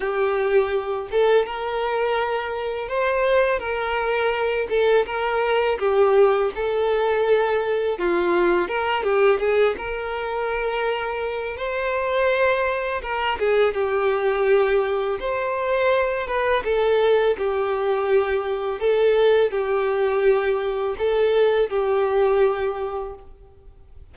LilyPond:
\new Staff \with { instrumentName = "violin" } { \time 4/4 \tempo 4 = 83 g'4. a'8 ais'2 | c''4 ais'4. a'8 ais'4 | g'4 a'2 f'4 | ais'8 g'8 gis'8 ais'2~ ais'8 |
c''2 ais'8 gis'8 g'4~ | g'4 c''4. b'8 a'4 | g'2 a'4 g'4~ | g'4 a'4 g'2 | }